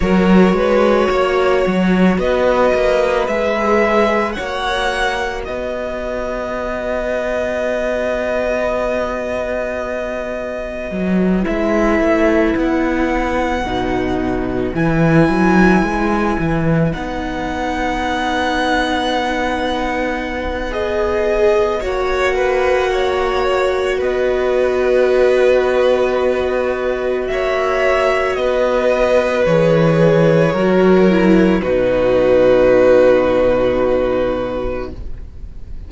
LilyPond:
<<
  \new Staff \with { instrumentName = "violin" } { \time 4/4 \tempo 4 = 55 cis''2 dis''4 e''4 | fis''4 dis''2.~ | dis''2~ dis''8 e''4 fis''8~ | fis''4. gis''2 fis''8~ |
fis''2. dis''4 | fis''2 dis''2~ | dis''4 e''4 dis''4 cis''4~ | cis''4 b'2. | }
  \new Staff \with { instrumentName = "violin" } { \time 4/4 ais'8 b'8 cis''4 b'2 | cis''4 b'2.~ | b'1~ | b'1~ |
b'1 | cis''8 b'8 cis''4 b'2~ | b'4 cis''4 b'2 | ais'4 fis'2. | }
  \new Staff \with { instrumentName = "viola" } { \time 4/4 fis'2. gis'4 | fis'1~ | fis'2~ fis'8 e'4.~ | e'8 dis'4 e'2 dis'8~ |
dis'2. gis'4 | fis'1~ | fis'2. gis'4 | fis'8 e'8 dis'2. | }
  \new Staff \with { instrumentName = "cello" } { \time 4/4 fis8 gis8 ais8 fis8 b8 ais8 gis4 | ais4 b2.~ | b2 fis8 gis8 a8 b8~ | b8 b,4 e8 fis8 gis8 e8 b8~ |
b1 | ais2 b2~ | b4 ais4 b4 e4 | fis4 b,2. | }
>>